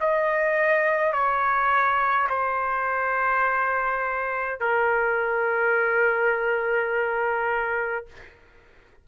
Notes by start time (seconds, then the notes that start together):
0.00 D#5
1.13 C#5
2.29 C5
4.60 A#4